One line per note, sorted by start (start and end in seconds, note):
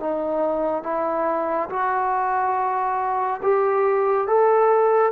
0.00 0.83 D#4
0.83 1.69 E4
1.69 3.41 F#4
3.42 4.27 G4
4.27 5.12 A4